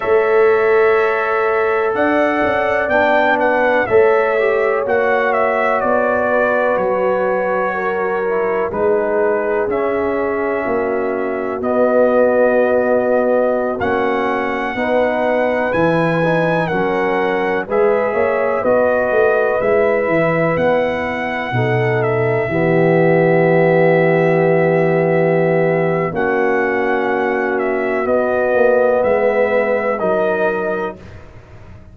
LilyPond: <<
  \new Staff \with { instrumentName = "trumpet" } { \time 4/4 \tempo 4 = 62 e''2 fis''4 g''8 fis''8 | e''4 fis''8 e''8 d''4 cis''4~ | cis''4 b'4 e''2 | dis''2~ dis''16 fis''4.~ fis''16~ |
fis''16 gis''4 fis''4 e''4 dis''8.~ | dis''16 e''4 fis''4. e''4~ e''16~ | e''2. fis''4~ | fis''8 e''8 dis''4 e''4 dis''4 | }
  \new Staff \with { instrumentName = "horn" } { \time 4/4 cis''2 d''4. b'8 | cis''2~ cis''8 b'4. | ais'4 gis'2 fis'4~ | fis'2.~ fis'16 b'8.~ |
b'4~ b'16 ais'4 b'8 cis''8 b'8.~ | b'2~ b'16 a'4 g'8.~ | g'2. fis'4~ | fis'2 b'4 ais'4 | }
  \new Staff \with { instrumentName = "trombone" } { \time 4/4 a'2. d'4 | a'8 g'8 fis'2.~ | fis'8 e'8 dis'4 cis'2 | b2~ b16 cis'4 dis'8.~ |
dis'16 e'8 dis'8 cis'4 gis'4 fis'8.~ | fis'16 e'2 dis'4 b8.~ | b2. cis'4~ | cis'4 b2 dis'4 | }
  \new Staff \with { instrumentName = "tuba" } { \time 4/4 a2 d'8 cis'8 b4 | a4 ais4 b4 fis4~ | fis4 gis4 cis'4 ais4 | b2~ b16 ais4 b8.~ |
b16 e4 fis4 gis8 ais8 b8 a16~ | a16 gis8 e8 b4 b,4 e8.~ | e2. ais4~ | ais4 b8 ais8 gis4 fis4 | }
>>